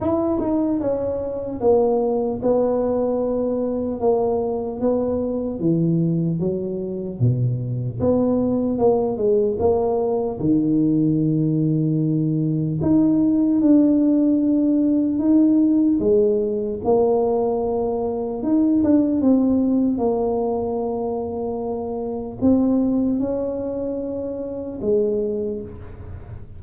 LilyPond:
\new Staff \with { instrumentName = "tuba" } { \time 4/4 \tempo 4 = 75 e'8 dis'8 cis'4 ais4 b4~ | b4 ais4 b4 e4 | fis4 b,4 b4 ais8 gis8 | ais4 dis2. |
dis'4 d'2 dis'4 | gis4 ais2 dis'8 d'8 | c'4 ais2. | c'4 cis'2 gis4 | }